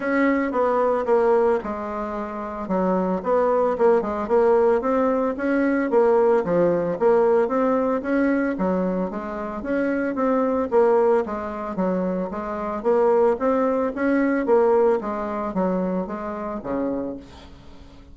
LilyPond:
\new Staff \with { instrumentName = "bassoon" } { \time 4/4 \tempo 4 = 112 cis'4 b4 ais4 gis4~ | gis4 fis4 b4 ais8 gis8 | ais4 c'4 cis'4 ais4 | f4 ais4 c'4 cis'4 |
fis4 gis4 cis'4 c'4 | ais4 gis4 fis4 gis4 | ais4 c'4 cis'4 ais4 | gis4 fis4 gis4 cis4 | }